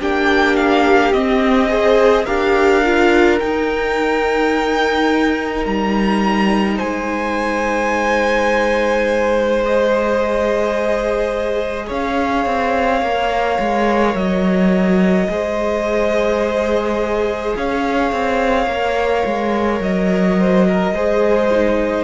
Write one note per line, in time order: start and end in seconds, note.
0.00 1.13 A#3
0.00 1.13 D4
0.00 1.70 G4
0.00 0.57 G5
0.57 1.12 F5
1.12 2.26 C4
1.12 1.69 C4
1.12 2.25 D#5
1.69 2.25 G#4
1.69 2.25 C5
2.25 3.41 D4
2.25 2.83 G4
2.25 6.77 A#4
2.25 3.39 F5
2.84 3.41 F4
3.39 9.64 D#4
3.39 5.66 D#4
3.39 5.66 G5
5.66 6.79 G3
5.66 6.79 A#5
6.77 11.89 G#3
6.77 11.86 C5
6.77 9.62 G#5
9.65 13.04 G#4
9.65 11.90 D#5
11.87 12.46 C#4
11.87 15.27 C#5
11.87 14.16 F5
12.46 13.02 C4
13.02 13.58 A#3
13.02 15.29 A#4
13.59 14.15 G#3
14.15 15.28 F#3
14.15 17.56 D#5
15.28 17.55 G#3
15.28 18.69 G#4
15.28 17.58 C5
17.56 18.12 C#4
17.56 20.39 C#5
17.56 19.82 F5
18.12 18.67 C4
18.67 19.23 A#3
18.67 20.95 A#4
19.26 19.80 G#3
19.80 20.92 F#3
19.80 22.04 D#5
20.39 20.67 C5
20.68 20.94 A#4
20.92 22.04 G#3
20.92 21.51 G#4
20.92 22.04 C5
21.51 22.04 D#4